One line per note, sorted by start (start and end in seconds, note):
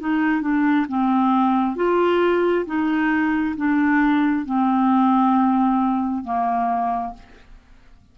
0.00 0.42 D#4
0.42 0.86 D4
0.88 1.76 C4
1.76 2.65 F4
2.66 3.55 D#4
3.57 4.45 D4
4.45 6.24 C4
6.24 7.14 A#3